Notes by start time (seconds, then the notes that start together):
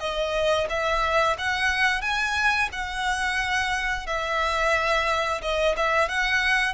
0.00 D#5
0.70 E5
1.39 F#5
2.02 G#5
2.72 F#5
4.07 E5
5.42 D#5
5.77 E5
6.09 F#5